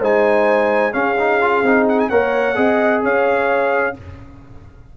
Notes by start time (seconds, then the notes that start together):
0.00 G#3 D#4 C5 G#5
0.93 C#4 G#4 F5
1.20 D#4
1.42 F4
1.63 C4 D#4
1.89 F#5
2.00 G#5
2.10 A#3 A#4 C#5 F#5
2.55 C4 G#4 D#5
3.04 C#4 C#5 F5